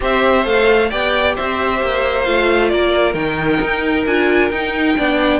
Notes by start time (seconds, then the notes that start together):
0.00 C4 G4 C5 E5
0.44 A3 A4 F5
0.89 B3 G4 D5 G5
1.35 C4 C5 E5
1.82 A#3
2.24 A3 F4 F5
2.69 A#3 A#4 D5
3.13 D#3 D#4 G5
3.61 D#4
4.06 D4 F4 G#5
4.50 D#4 G5
4.97 B3 D4 D5